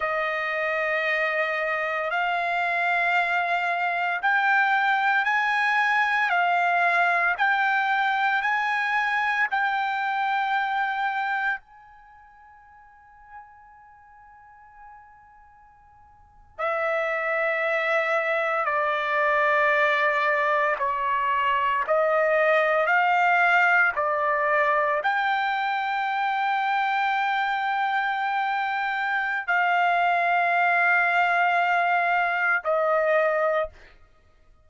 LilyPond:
\new Staff \with { instrumentName = "trumpet" } { \time 4/4 \tempo 4 = 57 dis''2 f''2 | g''4 gis''4 f''4 g''4 | gis''4 g''2 gis''4~ | gis''2.~ gis''8. e''16~ |
e''4.~ e''16 d''2 cis''16~ | cis''8. dis''4 f''4 d''4 g''16~ | g''1 | f''2. dis''4 | }